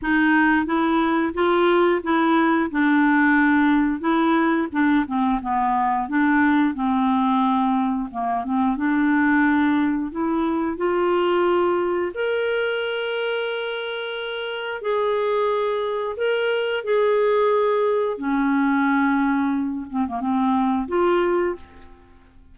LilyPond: \new Staff \with { instrumentName = "clarinet" } { \time 4/4 \tempo 4 = 89 dis'4 e'4 f'4 e'4 | d'2 e'4 d'8 c'8 | b4 d'4 c'2 | ais8 c'8 d'2 e'4 |
f'2 ais'2~ | ais'2 gis'2 | ais'4 gis'2 cis'4~ | cis'4. c'16 ais16 c'4 f'4 | }